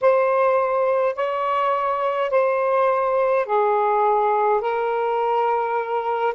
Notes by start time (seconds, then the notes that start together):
0.01 C5
1.15 C#5
2.30 C5
3.45 G#4
4.60 A#4